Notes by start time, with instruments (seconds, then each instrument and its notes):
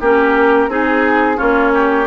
0.00 bassoon A#3, clarinet C#4, oboe G4, flute A#4
0.68 bassoon C4, clarinet D#4, oboe G#4, flute G#4
1.36 bassoon A#3, clarinet C#4, oboe F4, flute C#5
1.74 oboe G4